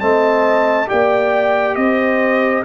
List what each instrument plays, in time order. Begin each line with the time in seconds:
0.00 tuba A3, trombone C4, horn D#5, trumpet A5
0.87 tuba A#3, trombone G4, horn D5, trumpet G5
1.75 tuba C4, horn C5, trumpet D#5